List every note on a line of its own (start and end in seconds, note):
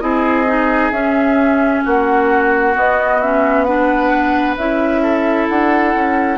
0.00 0.91 C4
0.00 0.45 E4
0.00 1.84 G#4
0.00 0.91 D#5
0.47 0.92 D#4
0.91 1.82 C#4
0.91 2.74 C#4
0.91 1.82 E5
1.84 2.76 A#3
1.84 3.65 F#4
1.84 2.76 F#5
2.74 3.20 B3
2.74 4.57 B3
2.74 3.21 D#5
3.21 3.67 C#4
3.21 3.64 E5
3.64 4.58 D4
3.64 5.01 B4
3.64 4.55 F#5
4.57 5.48 C#4
4.57 6.38 E4
4.57 5.48 E5
5.02 6.38 A4
5.48 5.95 D4
5.48 6.38 F#5
5.95 6.38 C#4